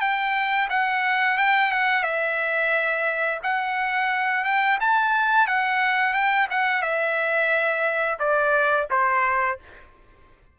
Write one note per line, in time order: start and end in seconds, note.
0.00 0.68 G5
0.69 1.38 F#5
1.38 1.71 G5
1.71 2.03 F#5
2.03 3.39 E5
3.43 4.44 F#5
4.44 4.79 G5
4.80 5.47 A5
5.47 6.13 F#5
6.13 6.47 G5
6.50 6.82 F#5
6.82 8.18 E5
8.19 8.87 D5
8.90 9.59 C5